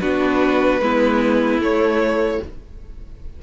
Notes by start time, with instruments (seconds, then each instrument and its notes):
0.00 cello B3, viola D4, violin F#4 B4
0.80 cello G#3, viola B3, violin E4
1.58 cello A3, viola A3, violin C#5